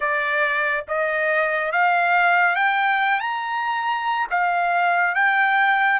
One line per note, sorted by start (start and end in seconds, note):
0.00 0.84 D5
0.88 1.71 D#5
1.71 2.55 F5
2.55 3.19 G5
3.19 4.27 A#5
4.30 5.14 F5
5.14 6.00 G5